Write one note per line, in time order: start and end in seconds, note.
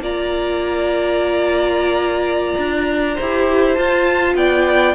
0.00 2.55 A#3
0.00 3.18 F4
0.00 3.15 D5
0.00 3.75 A#5
2.58 3.18 D4
3.15 3.78 E4
3.15 4.35 C5
3.21 3.76 G4
3.75 4.95 F4
3.75 4.35 F4
3.75 4.34 A5
4.35 4.95 B3
4.35 4.95 D5
4.35 4.95 G5